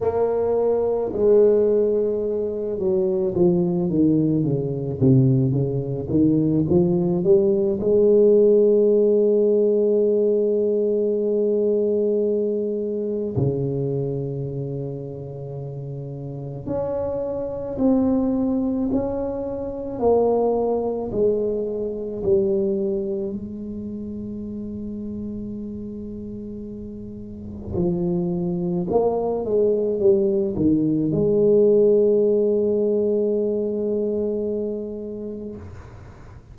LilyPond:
\new Staff \with { instrumentName = "tuba" } { \time 4/4 \tempo 4 = 54 ais4 gis4. fis8 f8 dis8 | cis8 c8 cis8 dis8 f8 g8 gis4~ | gis1 | cis2. cis'4 |
c'4 cis'4 ais4 gis4 | g4 gis2.~ | gis4 f4 ais8 gis8 g8 dis8 | gis1 | }